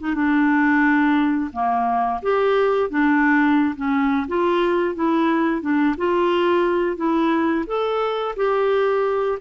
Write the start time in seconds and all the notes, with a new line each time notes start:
0.00 D#4
0.15 D4
1.53 A#3
2.23 G4
2.90 D4
3.76 C#4
4.28 F4
4.95 E4
5.62 D4
5.98 F4
6.97 E4
7.67 A4
8.36 G4